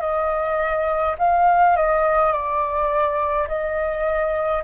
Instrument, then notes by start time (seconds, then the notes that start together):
flute
0.00 D#5
1.19 F5
1.76 D#5
2.32 D5
3.48 D#5